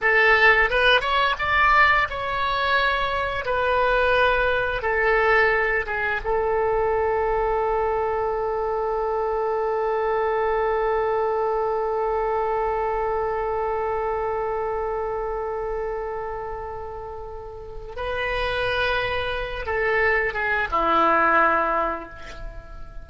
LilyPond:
\new Staff \with { instrumentName = "oboe" } { \time 4/4 \tempo 4 = 87 a'4 b'8 cis''8 d''4 cis''4~ | cis''4 b'2 a'4~ | a'8 gis'8 a'2.~ | a'1~ |
a'1~ | a'1~ | a'2 b'2~ | b'8 a'4 gis'8 e'2 | }